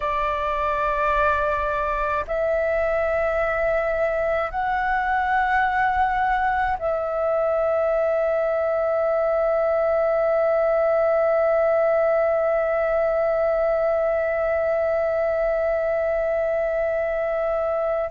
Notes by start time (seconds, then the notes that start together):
0.00 D5
2.27 E5
4.50 F#5
6.78 E5